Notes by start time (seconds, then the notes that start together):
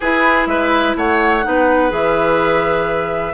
0.00 E4 G#4 B4
0.46 G#3 B4 E5
0.96 A3 C#5 F#5
1.43 B3 D#4 B4
1.89 E3 G#4 E5